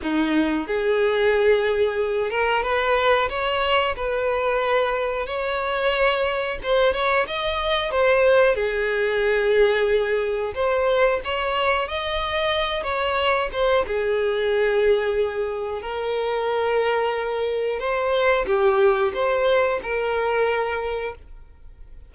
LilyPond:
\new Staff \with { instrumentName = "violin" } { \time 4/4 \tempo 4 = 91 dis'4 gis'2~ gis'8 ais'8 | b'4 cis''4 b'2 | cis''2 c''8 cis''8 dis''4 | c''4 gis'2. |
c''4 cis''4 dis''4. cis''8~ | cis''8 c''8 gis'2. | ais'2. c''4 | g'4 c''4 ais'2 | }